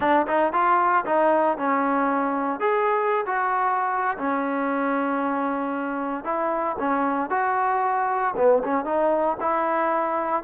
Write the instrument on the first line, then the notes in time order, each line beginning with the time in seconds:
trombone
0.00 D4
0.27 D#4
0.52 F4
1.05 D#4
1.57 C#4
2.59 G#4
3.26 F#4
4.17 C#4
6.24 E4
6.79 C#4
7.29 F#4
8.36 B3
8.63 C#4
8.84 D#4
9.40 E4